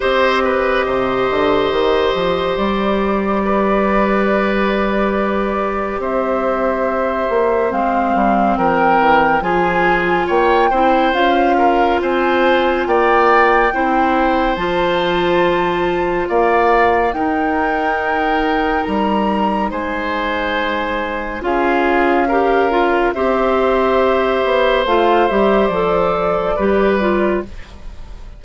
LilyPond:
<<
  \new Staff \with { instrumentName = "flute" } { \time 4/4 \tempo 4 = 70 dis''2. d''4~ | d''2. e''4~ | e''4 f''4 g''4 gis''4 | g''4 f''4 gis''4 g''4~ |
g''4 a''2 f''4 | g''2 ais''4 gis''4~ | gis''4 f''2 e''4~ | e''4 f''8 e''8 d''2 | }
  \new Staff \with { instrumentName = "oboe" } { \time 4/4 c''8 b'8 c''2. | b'2. c''4~ | c''2 ais'4 gis'4 | cis''8 c''4 ais'8 c''4 d''4 |
c''2. d''4 | ais'2. c''4~ | c''4 gis'4 ais'4 c''4~ | c''2. b'4 | }
  \new Staff \with { instrumentName = "clarinet" } { \time 4/4 g'1~ | g'1~ | g'4 c'2 f'4~ | f'8 e'8 f'2. |
e'4 f'2. | dis'1~ | dis'4 f'4 g'8 f'8 g'4~ | g'4 f'8 g'8 a'4 g'8 f'8 | }
  \new Staff \with { instrumentName = "bassoon" } { \time 4/4 c'4 c8 d8 dis8 f8 g4~ | g2. c'4~ | c'8 ais8 gis8 g8 f8 e8 f4 | ais8 c'8 cis'4 c'4 ais4 |
c'4 f2 ais4 | dis'2 g4 gis4~ | gis4 cis'2 c'4~ | c'8 b8 a8 g8 f4 g4 | }
>>